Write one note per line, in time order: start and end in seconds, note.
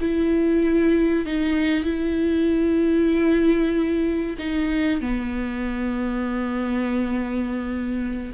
0.00 1.25 E4
1.25 1.84 D#4
1.84 4.36 E4
4.38 5.01 D#4
5.01 8.32 B3